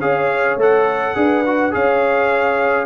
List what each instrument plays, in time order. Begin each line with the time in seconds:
0.00 tuba C#4, trombone G#4, horn C#5, trumpet F5
0.56 tuba A3, trombone A4, trumpet F#5
1.15 tuba D4, trombone G#4, horn B4
1.46 trombone F#4
1.72 tuba C#4, trombone G#4, horn C#5, trumpet F5